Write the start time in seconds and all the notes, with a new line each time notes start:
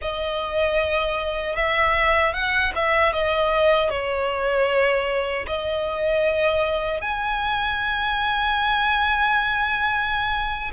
0.01 D#5
1.56 E5
2.33 F#5
2.75 E5
3.12 D#5
3.90 C#5
5.47 D#5
7.01 G#5